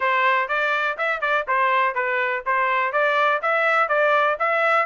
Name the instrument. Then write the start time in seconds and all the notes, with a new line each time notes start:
trumpet
0.00 C5
0.48 D5
0.97 E5
1.20 D5
1.47 C5
1.94 B4
2.45 C5
2.92 D5
3.41 E5
3.88 D5
4.39 E5